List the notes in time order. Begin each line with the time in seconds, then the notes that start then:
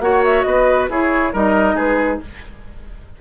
0.00 A#3 F#4 C#5 F#5
0.25 E5
0.43 B3 B4 D#5
0.89 E4 G#4 C#5
1.33 G3 D#4 A#4 D#5
1.75 G#3 G#4 B4